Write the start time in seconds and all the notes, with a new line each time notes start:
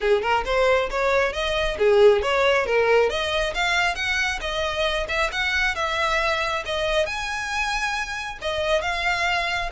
0.00 G#4
0.21 A#4
0.45 C5
0.90 C#5
1.33 D#5
1.78 G#4
2.22 C#5
2.66 A#4
3.09 D#5
3.54 F5
3.95 F#5
4.40 D#5
5.08 E5
5.31 F#5
5.75 E5
6.65 D#5
7.06 G#5
8.41 D#5
8.81 F5